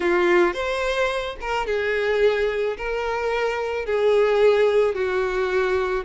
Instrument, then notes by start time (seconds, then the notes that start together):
violin
0.00 F4
0.53 C5
1.40 A#4
1.66 G#4
2.77 A#4
3.85 G#4
4.94 F#4